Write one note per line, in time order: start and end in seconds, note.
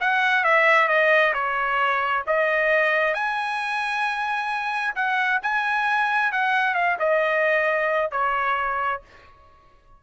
0.00 0.44 F#5
0.44 0.88 E5
0.88 1.33 D#5
1.33 2.23 C#5
2.26 3.14 D#5
3.14 4.94 G#5
4.95 5.40 F#5
5.42 6.32 G#5
6.32 6.74 F#5
6.74 6.97 F5
6.99 8.11 D#5
8.11 9.01 C#5